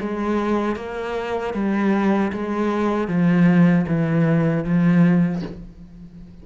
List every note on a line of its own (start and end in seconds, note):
0.00 0.75 G#3
0.75 1.53 A#3
1.54 2.32 G3
2.32 3.07 G#3
3.07 3.85 F3
3.87 4.64 E3
4.64 5.42 F3